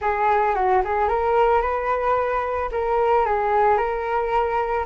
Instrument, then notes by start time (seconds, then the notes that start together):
flute
0.01 G#4
0.54 F#4
0.84 G#4
1.08 A#4
1.61 B4
2.71 A#4
3.25 G#4
3.77 A#4